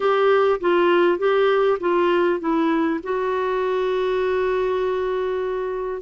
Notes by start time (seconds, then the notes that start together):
0.00 G4
0.60 F4
1.18 G4
1.80 F4
2.40 E4
3.03 F#4